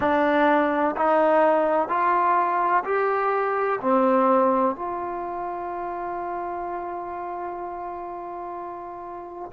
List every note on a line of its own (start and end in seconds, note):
0.00 0.95 D4
0.96 1.88 D#4
1.88 2.83 F4
2.84 3.79 G4
3.81 4.75 C4
4.75 9.52 F4